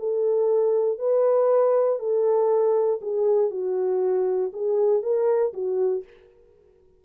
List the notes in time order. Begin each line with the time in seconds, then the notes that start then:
0.00 A4
0.99 B4
1.99 A4
3.02 G#4
3.51 F#4
4.53 G#4
5.03 A#4
5.54 F#4